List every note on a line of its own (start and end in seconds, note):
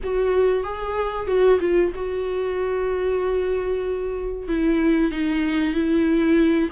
0.03 0.63 F#4
0.63 1.27 G#4
1.27 1.59 F#4
1.60 1.91 F4
1.95 4.48 F#4
4.48 5.11 E4
5.11 5.74 D#4
5.74 6.69 E4